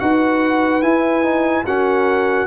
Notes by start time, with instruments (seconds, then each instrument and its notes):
0.00 tuba D#4, trombone F#4, horn B4, trumpet F#5
0.82 trombone E4, tuba E4, trumpet G#5
1.23 trombone D#4
1.66 trombone C#4, tuba F#4, horn A#4, trumpet F#5